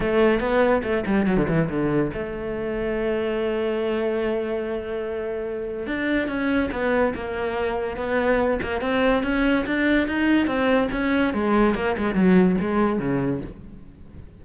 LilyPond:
\new Staff \with { instrumentName = "cello" } { \time 4/4 \tempo 4 = 143 a4 b4 a8 g8 fis16 d16 e8 | d4 a2.~ | a1~ | a2 d'4 cis'4 |
b4 ais2 b4~ | b8 ais8 c'4 cis'4 d'4 | dis'4 c'4 cis'4 gis4 | ais8 gis8 fis4 gis4 cis4 | }